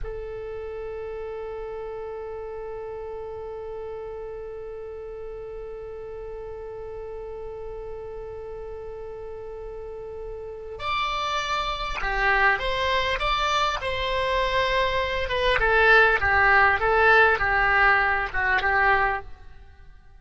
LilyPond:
\new Staff \with { instrumentName = "oboe" } { \time 4/4 \tempo 4 = 100 a'1~ | a'1~ | a'1~ | a'1~ |
a'2 d''2 | g'4 c''4 d''4 c''4~ | c''4. b'8 a'4 g'4 | a'4 g'4. fis'8 g'4 | }